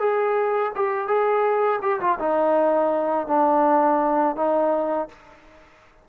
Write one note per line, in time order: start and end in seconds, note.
0.00 0.72 G#4
0.76 1.08 G4
1.08 1.80 G#4
1.82 2.00 G4
2.01 2.19 F4
2.19 3.28 D#4
3.28 4.36 D4
4.36 5.09 D#4